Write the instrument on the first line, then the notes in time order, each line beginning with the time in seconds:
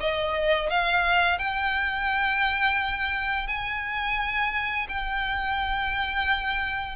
violin
0.00 D#5
0.69 F5
1.39 G5
3.47 G#5
4.88 G5